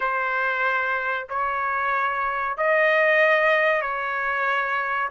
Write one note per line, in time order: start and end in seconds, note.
0.00 1.27 C5
1.29 2.57 C#5
2.57 3.81 D#5
3.81 5.09 C#5